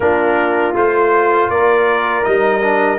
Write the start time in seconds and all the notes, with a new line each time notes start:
0.00 A#3 D4 F4 A#4
0.74 A3 F4 C5
1.49 A#3 A#4 D5
2.23 G3 D#4 D#5
2.62 D4